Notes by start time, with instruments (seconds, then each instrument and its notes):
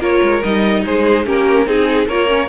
0.00 cello A#3, viola F4, violin A#4 C#5
0.23 cello G#3
0.43 cello G3, viola D#4, violin D#5
0.85 cello G#3, violin G#4 C5
1.26 cello A#3, viola C#4, violin G4 A#4
1.66 cello C4, viola D#4, violin G#4
2.08 cello A#3, viola F4, violin A#4 C#5
2.28 viola C#4